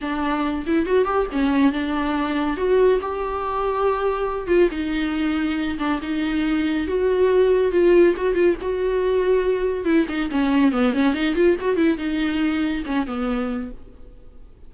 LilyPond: \new Staff \with { instrumentName = "viola" } { \time 4/4 \tempo 4 = 140 d'4. e'8 fis'8 g'8 cis'4 | d'2 fis'4 g'4~ | g'2~ g'8 f'8 dis'4~ | dis'4. d'8 dis'2 |
fis'2 f'4 fis'8 f'8 | fis'2. e'8 dis'8 | cis'4 b8 cis'8 dis'8 f'8 fis'8 e'8 | dis'2 cis'8 b4. | }